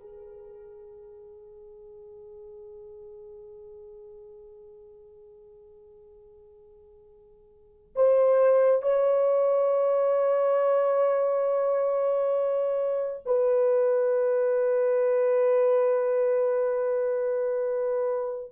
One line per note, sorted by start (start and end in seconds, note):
0.00 7.94 G#4
7.95 8.82 C5
8.82 13.23 C#5
13.26 18.52 B4